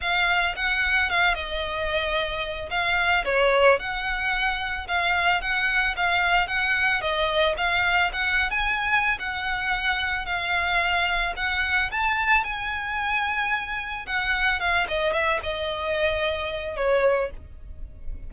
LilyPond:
\new Staff \with { instrumentName = "violin" } { \time 4/4 \tempo 4 = 111 f''4 fis''4 f''8 dis''4.~ | dis''4 f''4 cis''4 fis''4~ | fis''4 f''4 fis''4 f''4 | fis''4 dis''4 f''4 fis''8. gis''16~ |
gis''4 fis''2 f''4~ | f''4 fis''4 a''4 gis''4~ | gis''2 fis''4 f''8 dis''8 | e''8 dis''2~ dis''8 cis''4 | }